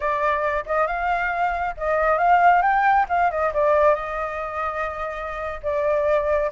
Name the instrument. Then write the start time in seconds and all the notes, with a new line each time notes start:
flute
0.00 D5
0.65 D#5
0.86 F5
1.77 D#5
2.18 F5
2.62 G5
3.09 F5
3.30 D#5
3.53 D5
3.94 D#5
5.62 D5